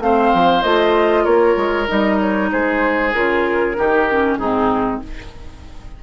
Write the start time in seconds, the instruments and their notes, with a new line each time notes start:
0.00 bassoon A3, clarinet C4, oboe C5, flute F5
0.34 bassoon F3
0.63 bassoon A3, clarinet F4, flute D#5
1.24 bassoon A#3, oboe A#4, flute C#5
1.56 bassoon G#3
1.87 bassoon G3, clarinet D#4, flute D#5
2.20 flute C#5
2.51 bassoon G#3, oboe G#4, flute C5
3.14 bassoon C#3, clarinet F4, flute A#4
3.75 bassoon D#3, clarinet D#4, oboe G4
4.11 clarinet C#4
4.38 bassoon G#2, clarinet C4, oboe D#4, flute G#4